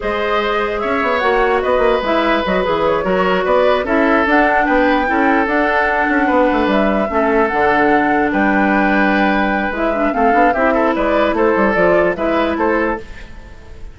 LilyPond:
<<
  \new Staff \with { instrumentName = "flute" } { \time 4/4 \tempo 4 = 148 dis''2 e''4 fis''4 | dis''4 e''4 dis''8 b'8 cis''4~ | cis''8 d''4 e''4 fis''4 g''8~ | g''4. fis''2~ fis''8~ |
fis''8 e''2 fis''4.~ | fis''8 g''2.~ g''8 | e''4 f''4 e''4 d''4 | c''4 d''4 e''4 c''4 | }
  \new Staff \with { instrumentName = "oboe" } { \time 4/4 c''2 cis''2 | b'2.~ b'8 ais'8~ | ais'8 b'4 a'2 b'8~ | b'8 a'2. b'8~ |
b'4. a'2~ a'8~ | a'8 b'2.~ b'8~ | b'4 a'4 g'8 a'8 b'4 | a'2 b'4 a'4 | }
  \new Staff \with { instrumentName = "clarinet" } { \time 4/4 gis'2. fis'4~ | fis'4 e'4 fis'8 gis'4 fis'8~ | fis'4. e'4 d'4.~ | d'8 e'4 d'2~ d'8~ |
d'4. cis'4 d'4.~ | d'1 | e'8 d'8 c'8 d'8 e'2~ | e'4 f'4 e'2 | }
  \new Staff \with { instrumentName = "bassoon" } { \time 4/4 gis2 cis'8 b8 ais4 | b8 ais8 gis4 fis8 e4 fis8~ | fis8 b4 cis'4 d'4 b8~ | b8 cis'4 d'4. cis'8 b8 |
a8 g4 a4 d4.~ | d8 g2.~ g8 | gis4 a8 b8 c'4 gis4 | a8 g8 f4 gis4 a4 | }
>>